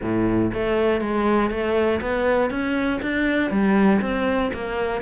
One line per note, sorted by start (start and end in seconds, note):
0.02 0.52 A2
0.53 1.00 A3
1.00 1.50 G#3
1.50 2.00 A3
2.01 2.50 B3
2.50 3.00 C#4
3.02 3.50 D4
3.50 4.00 G3
4.01 4.51 C4
4.53 5.01 A#3